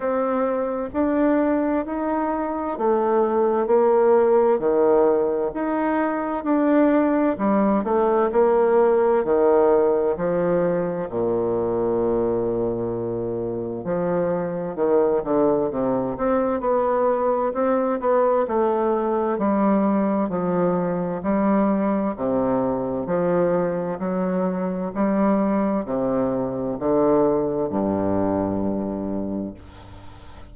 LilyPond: \new Staff \with { instrumentName = "bassoon" } { \time 4/4 \tempo 4 = 65 c'4 d'4 dis'4 a4 | ais4 dis4 dis'4 d'4 | g8 a8 ais4 dis4 f4 | ais,2. f4 |
dis8 d8 c8 c'8 b4 c'8 b8 | a4 g4 f4 g4 | c4 f4 fis4 g4 | c4 d4 g,2 | }